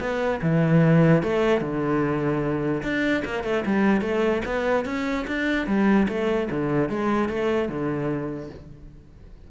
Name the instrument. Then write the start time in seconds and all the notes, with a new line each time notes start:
cello
0.00 B3
0.42 E3
1.23 A3
1.61 D3
2.83 D4
3.25 A#3
3.44 A3
3.66 G3
4.02 A3
4.45 B3
4.86 C#4
5.27 D4
5.67 G3
6.08 A3
6.51 D3
6.89 G#3
7.29 A3
7.69 D3